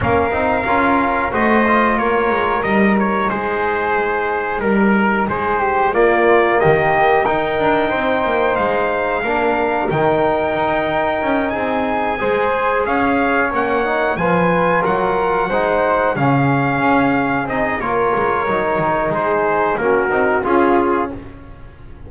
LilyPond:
<<
  \new Staff \with { instrumentName = "trumpet" } { \time 4/4 \tempo 4 = 91 f''2 dis''4 cis''4 | dis''8 cis''8 c''2 ais'4 | c''4 d''4 dis''4 g''4~ | g''4 f''2 g''4~ |
g''4. gis''2 f''8~ | f''8 fis''4 gis''4 fis''4.~ | fis''8 f''2 dis''8 cis''4~ | cis''4 c''4 ais'4 gis'4 | }
  \new Staff \with { instrumentName = "flute" } { \time 4/4 ais'2 c''4 ais'4~ | ais'4 gis'2 ais'4 | gis'8 g'8 f'4 g'4 ais'4 | c''2 ais'2~ |
ais'4. gis'4 c''4 cis''8~ | cis''4. b'4 ais'4 c''8~ | c''8 gis'2~ gis'8 ais'4~ | ais'4 gis'4 fis'4 f'4 | }
  \new Staff \with { instrumentName = "trombone" } { \time 4/4 cis'8 dis'8 f'4 fis'8 f'4. | dis'1~ | dis'4 ais2 dis'4~ | dis'2 d'4 dis'4~ |
dis'2~ dis'8 gis'4.~ | gis'8 cis'8 dis'8 f'2 dis'8~ | dis'8 cis'2 dis'8 f'4 | dis'2 cis'8 dis'8 f'4 | }
  \new Staff \with { instrumentName = "double bass" } { \time 4/4 ais8 c'8 cis'4 a4 ais8 gis8 | g4 gis2 g4 | gis4 ais4 dis4 dis'8 d'8 | c'8 ais8 gis4 ais4 dis4 |
dis'4 cis'8 c'4 gis4 cis'8~ | cis'8 ais4 f4 fis4 gis8~ | gis8 cis4 cis'4 c'8 ais8 gis8 | fis8 dis8 gis4 ais8 c'8 cis'4 | }
>>